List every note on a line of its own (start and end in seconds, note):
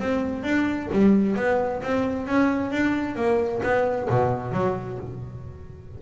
0.00 0.44 C4
0.44 0.89 D4
0.92 1.36 G3
1.36 1.82 B3
1.83 2.27 C4
2.27 2.71 C#4
2.71 3.16 D4
3.16 3.61 A#3
3.63 4.09 B3
4.10 4.52 B2
4.52 4.98 F#3